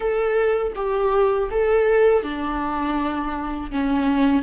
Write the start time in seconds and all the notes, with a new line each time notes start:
0.00 A4
0.75 G4
1.51 A4
2.22 D4
3.71 C#4